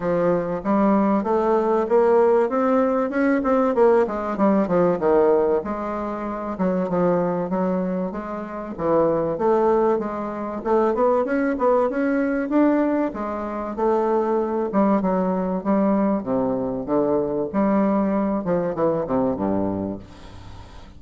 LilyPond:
\new Staff \with { instrumentName = "bassoon" } { \time 4/4 \tempo 4 = 96 f4 g4 a4 ais4 | c'4 cis'8 c'8 ais8 gis8 g8 f8 | dis4 gis4. fis8 f4 | fis4 gis4 e4 a4 |
gis4 a8 b8 cis'8 b8 cis'4 | d'4 gis4 a4. g8 | fis4 g4 c4 d4 | g4. f8 e8 c8 g,4 | }